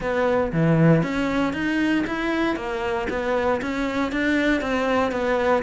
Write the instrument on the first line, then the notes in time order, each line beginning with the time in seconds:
cello
0.00 B3
0.52 E3
1.02 C#4
1.53 D#4
2.06 E4
2.56 A#3
3.09 B3
3.61 C#4
4.12 D4
4.61 C4
5.11 B3